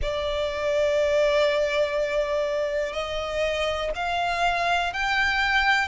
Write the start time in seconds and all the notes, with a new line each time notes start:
0.02 D5
2.92 D#5
3.95 F5
4.93 G5